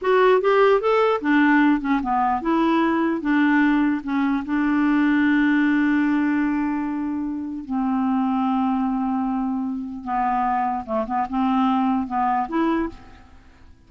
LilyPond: \new Staff \with { instrumentName = "clarinet" } { \time 4/4 \tempo 4 = 149 fis'4 g'4 a'4 d'4~ | d'8 cis'8 b4 e'2 | d'2 cis'4 d'4~ | d'1~ |
d'2. c'4~ | c'1~ | c'4 b2 a8 b8 | c'2 b4 e'4 | }